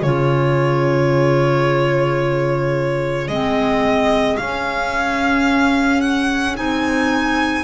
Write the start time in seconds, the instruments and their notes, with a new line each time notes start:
0.00 double bass C#3, clarinet F4, violin G#4 C#5
3.28 double bass G#3, clarinet C4, violin D#5
4.37 double bass C#4, clarinet C#4, violin F5
6.01 violin F#5
6.55 double bass C4, clarinet D#4, violin G#5